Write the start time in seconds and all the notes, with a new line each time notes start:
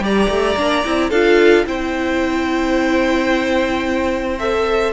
0.00 G3 G4 D5 A#5
0.29 A3
0.57 A#3 D4
0.85 C4 E4
1.10 D4 F4 A4 F5
1.66 C4 E4 C5 G5
4.39 A4 E5